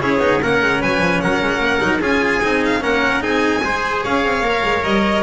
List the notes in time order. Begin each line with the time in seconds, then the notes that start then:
0.00 C#4 E4 G#4 C#5
0.18 B3 D#4
0.42 A#3 C#4 A#4 F#5
0.62 G#3
0.81 F#3 B4 G#5
1.00 F3
1.21 F#3 A#4 F#5
1.42 G#3
1.60 A#3
1.81 F#3 D#4
2.00 C#4 F4 G#4 G#5
2.43 C4 D#4
2.65 F5
2.81 A#3 C#4 A#4 F#5
3.21 C4 D#4 G#4 G#5
3.64 G#3 G#4 C5
4.04 C#4 C#5 F5
4.24 C4
4.41 A#3 A#4
4.64 G#3
4.84 G3 D#5